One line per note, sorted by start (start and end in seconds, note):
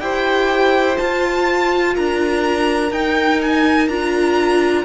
0.00 0.97 E4
0.00 0.96 G4
0.00 1.95 C5
0.00 0.97 G5
0.96 2.89 F4
0.96 1.96 F4
0.96 1.94 A5
1.95 2.91 D4
1.95 4.85 A#4
1.95 2.92 A#5
2.91 3.87 D#4
2.91 3.89 D#4
2.91 3.40 G5
3.41 3.87 G#5
3.87 4.84 D4
3.87 4.85 F4
3.87 4.84 A#5